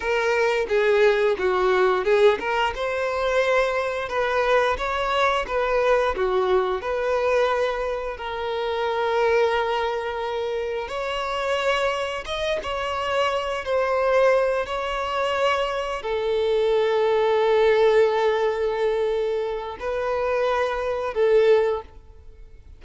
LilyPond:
\new Staff \with { instrumentName = "violin" } { \time 4/4 \tempo 4 = 88 ais'4 gis'4 fis'4 gis'8 ais'8 | c''2 b'4 cis''4 | b'4 fis'4 b'2 | ais'1 |
cis''2 dis''8 cis''4. | c''4. cis''2 a'8~ | a'1~ | a'4 b'2 a'4 | }